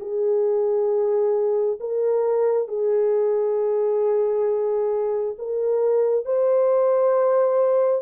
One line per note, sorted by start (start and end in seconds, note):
0.00 1.79 G#4
1.80 2.68 A#4
2.68 5.36 G#4
5.39 6.25 A#4
6.25 8.02 C5